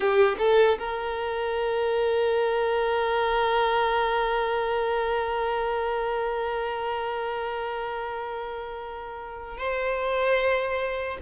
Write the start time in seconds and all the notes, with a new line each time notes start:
0.00 G4
0.38 A4
0.79 A#4
9.57 C5